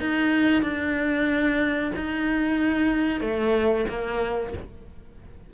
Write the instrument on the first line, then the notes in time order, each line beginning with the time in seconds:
cello
0.00 D#4
0.62 D4
1.96 D#4
3.21 A3
3.89 A#3